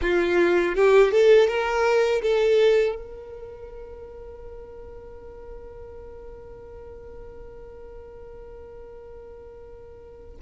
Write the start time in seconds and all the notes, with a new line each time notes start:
0.01 F4
0.75 G4
1.11 A4
1.47 A#4
2.22 A4
2.95 A#4